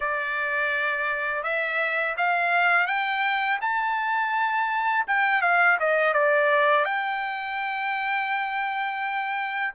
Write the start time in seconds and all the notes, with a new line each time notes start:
0.00 D5
1.43 E5
2.17 F5
2.87 G5
3.61 A5
5.07 G5
5.41 F5
5.79 D#5
6.13 D5
6.84 G5